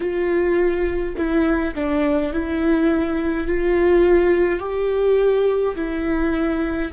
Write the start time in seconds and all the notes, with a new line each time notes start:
0.00 F4
1.16 E4
1.75 D4
2.32 E4
3.47 F4
4.59 G4
5.75 E4